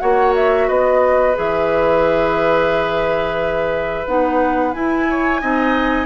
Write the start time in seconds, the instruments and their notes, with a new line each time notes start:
0.00 bassoon A#3, clarinet F#4, oboe C#5, flute F#5
0.36 flute E5
0.68 bassoon B3, oboe B4, flute D#5
1.35 bassoon E3, clarinet G#4, flute E5
4.07 bassoon B3, clarinet D#4, flute F#5
4.74 clarinet E4, bassoon E4, flute G#5
5.10 oboe C#5
5.41 bassoon C4, clarinet D#4, oboe D#5